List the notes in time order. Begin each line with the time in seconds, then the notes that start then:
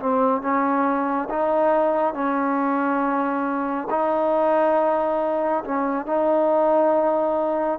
0.00 C4
0.42 C#4
1.30 D#4
2.15 C#4
3.91 D#4
5.65 C#4
6.06 D#4